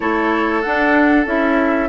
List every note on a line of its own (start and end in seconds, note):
0.00 0.64 A3
0.00 0.63 E4
0.00 1.88 A4
0.00 0.62 C#5
0.62 1.26 D4
0.62 1.25 F#5
1.26 1.88 C#4
1.26 1.88 E4
1.26 1.88 E5